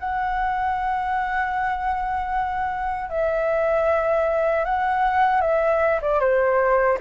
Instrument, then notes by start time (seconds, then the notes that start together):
flute
0.00 F#5
3.10 E5
4.65 F#5
5.42 E5
6.02 D5
6.21 C5